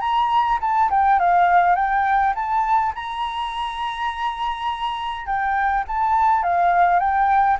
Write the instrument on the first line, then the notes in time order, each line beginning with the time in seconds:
flute
0.00 A#5
0.60 A5
0.90 G5
1.19 F5
1.75 G5
2.35 A5
2.95 A#5
5.26 G5
5.87 A5
6.43 F5
6.99 G5